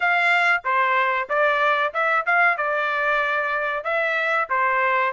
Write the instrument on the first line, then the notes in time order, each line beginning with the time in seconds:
trumpet
0.00 F5
0.64 C5
1.29 D5
1.93 E5
2.26 F5
2.57 D5
3.84 E5
4.49 C5